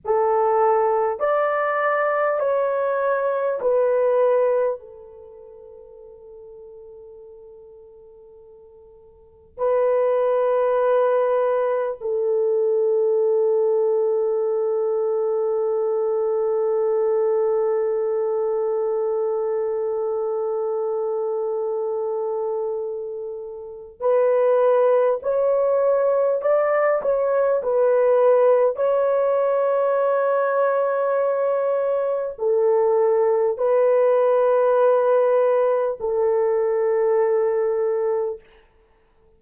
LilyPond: \new Staff \with { instrumentName = "horn" } { \time 4/4 \tempo 4 = 50 a'4 d''4 cis''4 b'4 | a'1 | b'2 a'2~ | a'1~ |
a'1 | b'4 cis''4 d''8 cis''8 b'4 | cis''2. a'4 | b'2 a'2 | }